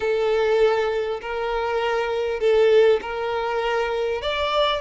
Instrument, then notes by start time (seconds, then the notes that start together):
violin
0.00 A4
1.21 A#4
2.40 A4
3.01 A#4
4.21 D5